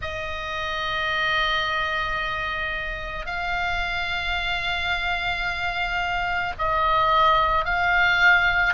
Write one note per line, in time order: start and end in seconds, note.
0.01 3.26 D#5
3.26 6.53 F5
6.58 7.65 D#5
7.65 8.73 F5